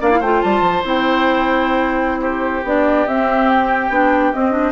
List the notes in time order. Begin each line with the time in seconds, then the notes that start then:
0.00 A#3 D4 D5 F5
0.11 E4
0.20 A3 F4 C5 G5
0.42 G3 A5
0.61 F3
0.84 C4 E4 G5
2.21 G4 C5
2.63 B3 D4 D5
3.07 C4 E5
3.49 G5
3.90 B3 D4
4.33 C4 D#5
4.51 D4